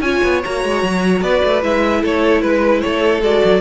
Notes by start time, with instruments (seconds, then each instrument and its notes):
0.00 cello C#4, viola F4, violin C#5 G#5
0.23 cello B3
0.43 cello A#3, viola F#4, violin A#5
0.64 cello G#3
0.82 cello F#3
1.21 cello B3, violin B4 D5
1.43 cello A3
1.61 cello G#3, viola E4, violin E5
2.01 cello A3, violin A4 C#5
2.41 cello G#3, violin B4
2.81 cello A3, violin A4 C#5
3.22 cello G#3, viola F#4, violin D5
3.44 cello F#3